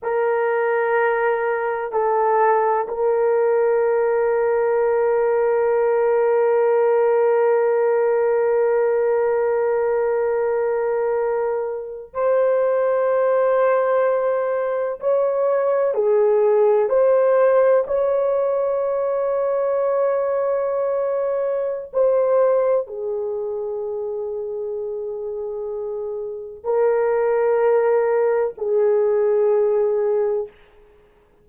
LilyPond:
\new Staff \with { instrumentName = "horn" } { \time 4/4 \tempo 4 = 63 ais'2 a'4 ais'4~ | ais'1~ | ais'1~ | ais'8. c''2. cis''16~ |
cis''8. gis'4 c''4 cis''4~ cis''16~ | cis''2. c''4 | gis'1 | ais'2 gis'2 | }